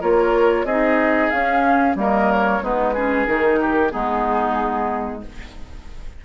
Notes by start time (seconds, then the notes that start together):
0.00 A#3 F4 A#4 C#5
0.64 C4 D#4 G#4 D#5
1.30 C#4 F5
1.95 G3 A#3 A#4 D#5
2.31 C#5
2.61 G#3 B3 D#4 B4
2.93 C#4 G#4
3.26 D#3 D#4 A#4
3.60 G4
3.90 G#3 B3 D#4 G#4